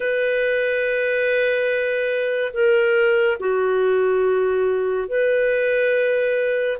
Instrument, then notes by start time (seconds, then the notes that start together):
clarinet
0.00 B4
2.53 A#4
3.39 F#4
5.08 B4